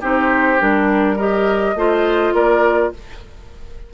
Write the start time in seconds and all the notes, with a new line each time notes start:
0.00 C4 D#4 G4 C5
0.58 G3 D4 A#4
1.16 G4 A#4 D#5
1.75 A3 F4 C5
2.33 A#3 A#4 D5